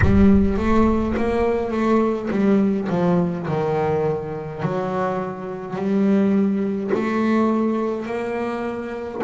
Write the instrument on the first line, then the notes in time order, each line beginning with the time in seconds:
double bass
0.01 G3
0.57 A3
1.17 A#3
1.70 A3
2.30 G3
2.88 F3
3.47 D#3
4.62 F#3
5.75 G3
6.93 A3
8.06 A#3